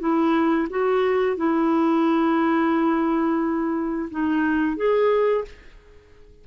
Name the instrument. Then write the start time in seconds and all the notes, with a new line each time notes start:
clarinet
0.00 E4
0.70 F#4
1.37 E4
4.11 D#4
4.77 G#4